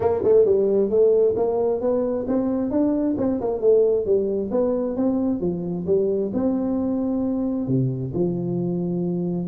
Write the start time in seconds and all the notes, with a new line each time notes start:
0.00 A#3
0.23 A3
0.45 G3
0.89 A3
1.36 A#3
1.80 B3
2.27 C4
2.70 D4
3.17 C4
3.40 A#3
3.60 A3
4.05 G3
4.51 B3
4.96 C4
5.40 F3
5.86 G3
6.33 C4
7.67 C3
8.13 F3